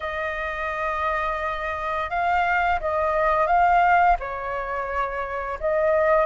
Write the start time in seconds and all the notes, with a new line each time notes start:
0.00 D#5
2.10 F5
2.80 D#5
3.47 F5
4.19 C#5
5.59 D#5